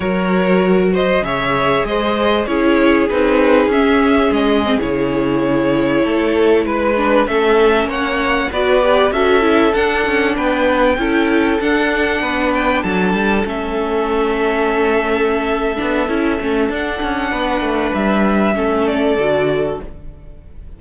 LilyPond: <<
  \new Staff \with { instrumentName = "violin" } { \time 4/4 \tempo 4 = 97 cis''4. dis''8 e''4 dis''4 | cis''4 b'4 e''4 dis''8. cis''16~ | cis''2~ cis''8. b'4 e''16~ | e''8. fis''4 d''4 e''4 fis''16~ |
fis''8. g''2 fis''4~ fis''16~ | fis''16 g''8 a''4 e''2~ e''16~ | e''2. fis''4~ | fis''4 e''4. d''4. | }
  \new Staff \with { instrumentName = "violin" } { \time 4/4 ais'4. c''8 cis''4 c''4 | gis'1~ | gis'4.~ gis'16 a'4 b'4 a'16~ | a'8. cis''4 b'4 a'4~ a'16~ |
a'8. b'4 a'2 b'16~ | b'8. a'2.~ a'16~ | a'1 | b'2 a'2 | }
  \new Staff \with { instrumentName = "viola" } { \time 4/4 fis'2 gis'2 | e'4 dis'4 cis'4. c'16 e'16~ | e'2.~ e'16 d'8 cis'16~ | cis'4.~ cis'16 fis'8 g'8 fis'8 e'8 d'16~ |
d'4.~ d'16 e'4 d'4~ d'16~ | d'4.~ d'16 cis'2~ cis'16~ | cis'4. d'8 e'8 cis'8 d'4~ | d'2 cis'4 fis'4 | }
  \new Staff \with { instrumentName = "cello" } { \time 4/4 fis2 cis4 gis4 | cis'4 c'4 cis'4 gis8. cis16~ | cis4.~ cis16 a4 gis4 a16~ | a8. ais4 b4 cis'4 d'16~ |
d'16 cis'8 b4 cis'4 d'4 b16~ | b8. fis8 g8 a2~ a16~ | a4. b8 cis'8 a8 d'8 cis'8 | b8 a8 g4 a4 d4 | }
>>